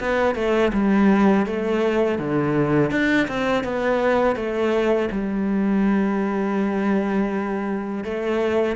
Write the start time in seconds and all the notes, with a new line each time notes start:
0.00 B3
0.35 A3
0.73 G3
1.46 A3
2.19 D3
2.91 D4
3.28 C4
3.64 B3
4.36 A3
5.12 G3
8.04 A3